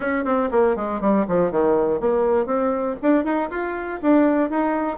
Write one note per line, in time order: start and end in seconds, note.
0.00 0.24 C#4
0.24 0.49 C4
0.51 0.76 A#3
0.76 1.00 G#3
1.00 1.25 G3
1.28 1.51 F3
1.51 2.00 D#3
2.00 2.46 A#3
2.46 2.96 C4
3.01 3.24 D4
3.24 3.49 D#4
3.50 4.00 F4
4.01 4.50 D4
4.50 4.97 D#4